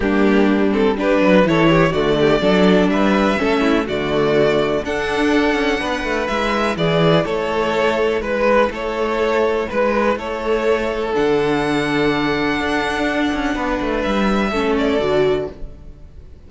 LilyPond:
<<
  \new Staff \with { instrumentName = "violin" } { \time 4/4 \tempo 4 = 124 g'4. a'8 b'4 cis''4 | d''2 e''2 | d''2 fis''2~ | fis''4 e''4 d''4 cis''4~ |
cis''4 b'4 cis''2 | b'4 cis''2 fis''4~ | fis''1~ | fis''4 e''4. d''4. | }
  \new Staff \with { instrumentName = "violin" } { \time 4/4 d'2 g'8 b'8 a'8 g'8 | fis'8 g'8 a'4 b'4 a'8 e'8 | fis'2 a'2 | b'2 gis'4 a'4~ |
a'4 b'4 a'2 | b'4 a'2.~ | a'1 | b'2 a'2 | }
  \new Staff \with { instrumentName = "viola" } { \time 4/4 ais4. c'8 d'4 e'4 | a4 d'2 cis'4 | a2 d'2~ | d'4 e'2.~ |
e'1~ | e'2. d'4~ | d'1~ | d'2 cis'4 fis'4 | }
  \new Staff \with { instrumentName = "cello" } { \time 4/4 g2~ g8 fis8 e4 | d4 fis4 g4 a4 | d2 d'4. cis'8 | b8 a8 gis4 e4 a4~ |
a4 gis4 a2 | gis4 a2 d4~ | d2 d'4. cis'8 | b8 a8 g4 a4 d4 | }
>>